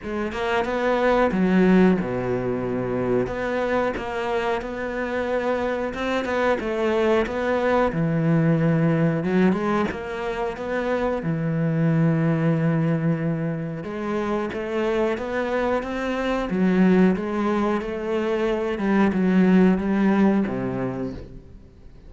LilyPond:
\new Staff \with { instrumentName = "cello" } { \time 4/4 \tempo 4 = 91 gis8 ais8 b4 fis4 b,4~ | b,4 b4 ais4 b4~ | b4 c'8 b8 a4 b4 | e2 fis8 gis8 ais4 |
b4 e2.~ | e4 gis4 a4 b4 | c'4 fis4 gis4 a4~ | a8 g8 fis4 g4 c4 | }